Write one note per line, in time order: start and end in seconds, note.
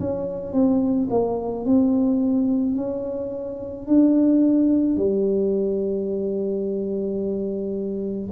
0.00 0.53 C#4
0.53 1.08 C4
1.10 1.65 A#3
1.65 2.76 C4
2.76 3.87 C#4
3.87 4.96 D4
4.96 8.30 G3